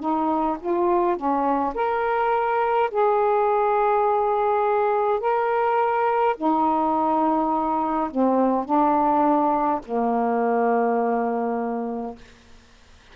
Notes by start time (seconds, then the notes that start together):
0.00 D#4
0.60 F4
1.17 C#4
1.75 A#4
2.91 G#4
5.21 A#4
6.37 D#4
8.11 C4
8.65 D4
9.85 A#3